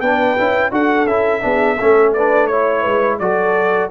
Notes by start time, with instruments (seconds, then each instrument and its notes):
0.00 tuba B3, trombone D4, horn B4, trumpet G5
0.37 tuba C#4, trombone E4
0.71 tuba D4, trombone F#4, horn A4, trumpet F#5
1.06 tuba C#4, trombone E4, trumpet E5
1.41 tuba B3, trombone D4, horn G#4
1.76 tuba A3, trombone C#4, horn A4
2.13 trombone D4, horn B4, trumpet D5
2.47 trombone E4, trumpet C#5, horn C#5
2.81 tuba G#3, horn B4
3.19 tuba F#3, trombone F#4, horn A4, trumpet D5